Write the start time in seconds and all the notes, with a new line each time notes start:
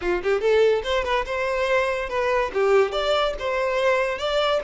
0.01 F4
0.23 G4
0.40 A4
0.83 C5
1.04 B4
1.25 C5
2.09 B4
2.53 G4
2.92 D5
3.39 C5
4.18 D5